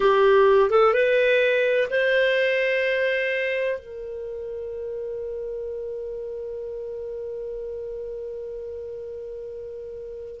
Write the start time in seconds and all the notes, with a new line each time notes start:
0.00 G4
0.70 A4
0.93 B4
1.90 C5
3.79 A#4